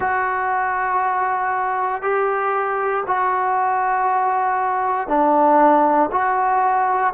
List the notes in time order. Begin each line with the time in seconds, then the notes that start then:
0.00 F#4
2.02 G4
3.06 F#4
5.08 D4
6.11 F#4